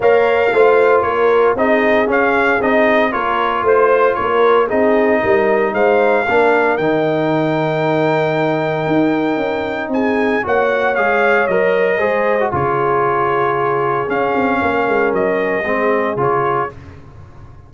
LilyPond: <<
  \new Staff \with { instrumentName = "trumpet" } { \time 4/4 \tempo 4 = 115 f''2 cis''4 dis''4 | f''4 dis''4 cis''4 c''4 | cis''4 dis''2 f''4~ | f''4 g''2.~ |
g''2. gis''4 | fis''4 f''4 dis''2 | cis''2. f''4~ | f''4 dis''2 cis''4 | }
  \new Staff \with { instrumentName = "horn" } { \time 4/4 cis''4 c''4 ais'4 gis'4~ | gis'2 ais'4 c''4 | ais'4 gis'4 ais'4 c''4 | ais'1~ |
ais'2. gis'4 | cis''2. c''4 | gis'1 | ais'2 gis'2 | }
  \new Staff \with { instrumentName = "trombone" } { \time 4/4 ais'4 f'2 dis'4 | cis'4 dis'4 f'2~ | f'4 dis'2. | d'4 dis'2.~ |
dis'1 | fis'4 gis'4 ais'4 gis'8. fis'16 | f'2. cis'4~ | cis'2 c'4 f'4 | }
  \new Staff \with { instrumentName = "tuba" } { \time 4/4 ais4 a4 ais4 c'4 | cis'4 c'4 ais4 a4 | ais4 c'4 g4 gis4 | ais4 dis2.~ |
dis4 dis'4 cis'4 c'4 | ais4 gis4 fis4 gis4 | cis2. cis'8 c'8 | ais8 gis8 fis4 gis4 cis4 | }
>>